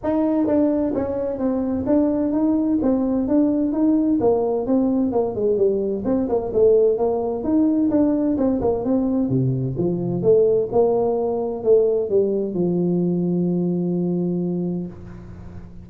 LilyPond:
\new Staff \with { instrumentName = "tuba" } { \time 4/4 \tempo 4 = 129 dis'4 d'4 cis'4 c'4 | d'4 dis'4 c'4 d'4 | dis'4 ais4 c'4 ais8 gis8 | g4 c'8 ais8 a4 ais4 |
dis'4 d'4 c'8 ais8 c'4 | c4 f4 a4 ais4~ | ais4 a4 g4 f4~ | f1 | }